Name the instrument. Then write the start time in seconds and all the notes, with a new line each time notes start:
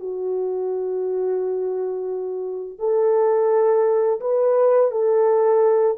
horn
0.00 F#4
2.79 A4
4.21 B4
4.91 A4